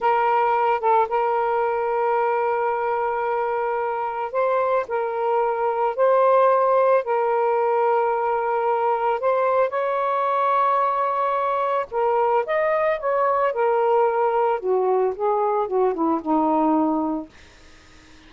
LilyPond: \new Staff \with { instrumentName = "saxophone" } { \time 4/4 \tempo 4 = 111 ais'4. a'8 ais'2~ | ais'1 | c''4 ais'2 c''4~ | c''4 ais'2.~ |
ais'4 c''4 cis''2~ | cis''2 ais'4 dis''4 | cis''4 ais'2 fis'4 | gis'4 fis'8 e'8 dis'2 | }